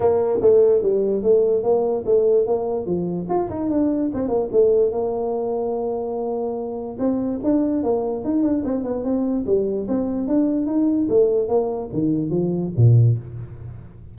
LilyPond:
\new Staff \with { instrumentName = "tuba" } { \time 4/4 \tempo 4 = 146 ais4 a4 g4 a4 | ais4 a4 ais4 f4 | f'8 dis'8 d'4 c'8 ais8 a4 | ais1~ |
ais4 c'4 d'4 ais4 | dis'8 d'8 c'8 b8 c'4 g4 | c'4 d'4 dis'4 a4 | ais4 dis4 f4 ais,4 | }